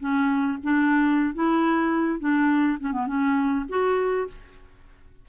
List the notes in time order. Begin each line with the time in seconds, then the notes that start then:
0.00 C#4
0.63 D4
1.35 E4
2.20 D4
2.80 C#4
2.93 B3
3.07 C#4
3.69 F#4